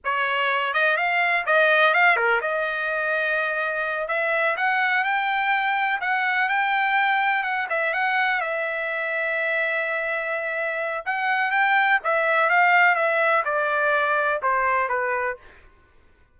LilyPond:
\new Staff \with { instrumentName = "trumpet" } { \time 4/4 \tempo 4 = 125 cis''4. dis''8 f''4 dis''4 | f''8 ais'8 dis''2.~ | dis''8 e''4 fis''4 g''4.~ | g''8 fis''4 g''2 fis''8 |
e''8 fis''4 e''2~ e''8~ | e''2. fis''4 | g''4 e''4 f''4 e''4 | d''2 c''4 b'4 | }